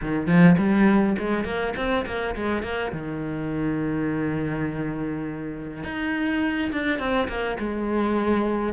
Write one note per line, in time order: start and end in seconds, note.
0.01 0.26 D#3
0.26 0.56 F3
0.57 1.16 G3
1.18 1.44 G#3
1.44 1.73 A#3
1.76 2.05 C4
2.06 2.35 A#3
2.35 2.62 G#3
2.62 2.92 A#3
2.92 5.83 D#3
5.83 6.71 D#4
6.72 6.99 D4
6.99 7.28 C4
7.28 7.57 A#3
7.59 8.73 G#3